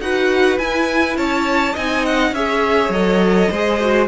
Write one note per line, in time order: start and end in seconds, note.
0.00 0.58 D#4
0.00 0.58 F#4
0.00 1.17 B4
0.00 0.58 F#5
0.58 1.75 E4
0.58 1.17 E4
0.58 1.17 G#5
1.17 1.75 C#4
1.17 1.73 C#5
1.17 1.76 A5
1.73 2.32 C4
1.73 2.35 D#4
1.73 2.31 D#5
1.73 2.06 G#5
2.06 2.34 F#5
2.32 2.89 C#4
2.32 2.93 G#4
2.32 3.51 C#5
2.32 2.92 E5
2.89 3.47 F#3
2.89 3.52 A4
2.89 4.08 D#5
3.51 4.08 G#3
3.51 3.80 G#4
3.51 4.08 C5
3.80 4.08 F#4